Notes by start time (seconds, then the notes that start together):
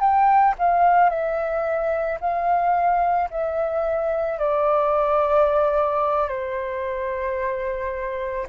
0.00 G5
0.59 F5
1.10 E5
2.20 F5
3.30 E5
4.39 D5
6.29 C5